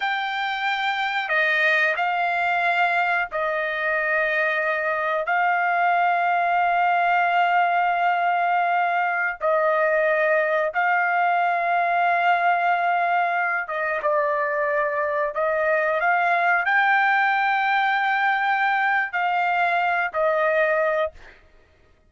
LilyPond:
\new Staff \with { instrumentName = "trumpet" } { \time 4/4 \tempo 4 = 91 g''2 dis''4 f''4~ | f''4 dis''2. | f''1~ | f''2~ f''16 dis''4.~ dis''16~ |
dis''16 f''2.~ f''8.~ | f''8. dis''8 d''2 dis''8.~ | dis''16 f''4 g''2~ g''8.~ | g''4 f''4. dis''4. | }